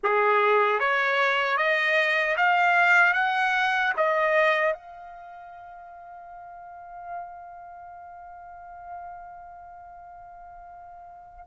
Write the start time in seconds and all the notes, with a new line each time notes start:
0.03 G#4
0.79 C#5
1.57 D#5
2.36 F5
3.13 F#5
3.97 D#5
4.73 F5